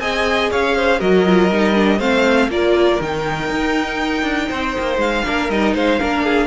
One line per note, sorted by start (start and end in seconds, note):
0.00 0.50 C4
0.00 0.99 G#4
0.00 0.51 D#5
0.00 0.50 G#5
0.51 1.01 C#4
0.51 0.76 C#5
0.51 1.01 F5
0.76 0.99 C5
0.99 1.51 F#3
0.99 1.24 F#4
0.99 1.98 A#4
0.99 2.00 D#5
1.26 1.51 F4
1.51 2.00 G3
1.51 1.74 D#4
1.74 1.99 D4
1.98 2.49 A3
1.98 2.50 C4
1.98 2.48 C5
1.98 2.50 F5
2.49 2.99 A#3
2.49 3.00 F4
2.49 4.49 A#4
2.49 3.02 D5
3.01 3.50 D#3
3.01 5.25 D#4
3.01 5.01 G5
3.50 4.23 D#4
4.23 4.48 D4
4.49 4.77 C4
4.49 5.24 C5
4.79 4.97 A#3
4.97 5.22 G#3
4.97 5.50 F5
5.25 5.49 A#3
5.25 5.50 D4
5.25 5.75 A#4
5.49 5.74 G3
5.49 6.01 D#4
5.49 5.75 D#5
5.75 6.00 G#3
5.75 6.00 C5
5.75 6.47 F5
6.00 6.47 A#3
6.00 6.47 D4
6.00 6.25 A#4
6.25 6.47 G#4